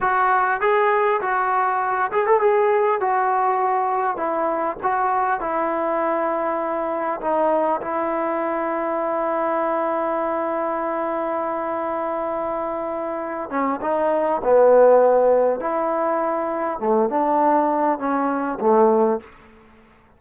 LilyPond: \new Staff \with { instrumentName = "trombone" } { \time 4/4 \tempo 4 = 100 fis'4 gis'4 fis'4. gis'16 a'16 | gis'4 fis'2 e'4 | fis'4 e'2. | dis'4 e'2.~ |
e'1~ | e'2~ e'8 cis'8 dis'4 | b2 e'2 | a8 d'4. cis'4 a4 | }